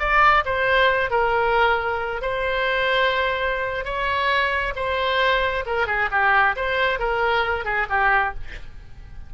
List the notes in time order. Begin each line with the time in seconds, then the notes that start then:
0.00 D5
0.46 C5
1.11 A#4
2.22 C5
3.85 C#5
4.76 C5
5.66 A#4
5.87 G#4
6.12 G4
6.56 C5
7.00 A#4
7.65 G#4
7.90 G4